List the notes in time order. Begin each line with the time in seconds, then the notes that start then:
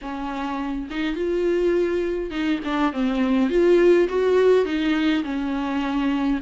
0.01 C#4
0.90 D#4
1.15 F4
2.30 D#4
2.64 D4
2.93 C4
3.50 F4
4.08 F#4
4.65 D#4
5.23 C#4